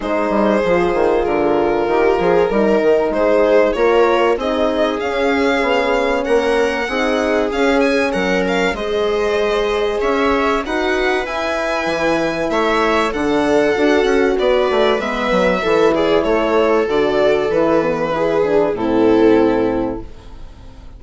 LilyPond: <<
  \new Staff \with { instrumentName = "violin" } { \time 4/4 \tempo 4 = 96 c''2 ais'2~ | ais'4 c''4 cis''4 dis''4 | f''2 fis''2 | f''8 gis''8 fis''8 f''8 dis''2 |
e''4 fis''4 gis''2 | e''4 fis''2 d''4 | e''4. d''8 cis''4 d''4 | b'2 a'2 | }
  \new Staff \with { instrumentName = "viola" } { \time 4/4 gis'2. g'8 gis'8 | ais'4 gis'4 ais'4 gis'4~ | gis'2 ais'4 gis'4~ | gis'4 ais'4 c''2 |
cis''4 b'2. | cis''4 a'2 b'4~ | b'4 a'8 gis'8 a'2~ | a'4 gis'4 e'2 | }
  \new Staff \with { instrumentName = "horn" } { \time 4/4 dis'4 f'2. | dis'2 f'4 dis'4 | cis'2. dis'4 | cis'2 gis'2~ |
gis'4 fis'4 e'2~ | e'4 d'4 fis'2 | b4 e'2 fis'4 | e'8 b8 e'8 d'8 c'2 | }
  \new Staff \with { instrumentName = "bassoon" } { \time 4/4 gis8 g8 f8 dis8 d4 dis8 f8 | g8 dis8 gis4 ais4 c'4 | cis'4 b4 ais4 c'4 | cis'4 fis4 gis2 |
cis'4 dis'4 e'4 e4 | a4 d4 d'8 cis'8 b8 a8 | gis8 fis8 e4 a4 d4 | e2 a,2 | }
>>